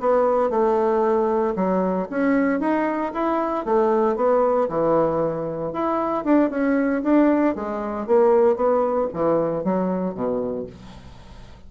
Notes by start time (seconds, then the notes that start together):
0.00 B3
0.50 A3
1.56 F#3
2.10 C#4
2.60 D#4
3.13 E4
3.65 A3
4.16 B3
4.69 E3
5.73 E4
6.24 D4
6.50 C#4
7.03 D4
7.55 G#3
8.07 A#3
8.56 B3
9.13 E3
9.64 F#3
10.14 B2